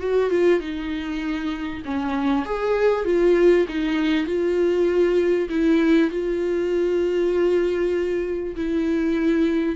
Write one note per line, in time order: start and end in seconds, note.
0.00 0.30 F#4
0.30 0.60 F4
0.60 1.83 D#4
1.85 2.46 C#4
2.46 3.05 G#4
3.05 3.66 F4
3.68 4.26 D#4
4.26 5.49 F4
5.50 6.11 E4
6.11 8.56 F4
8.56 9.76 E4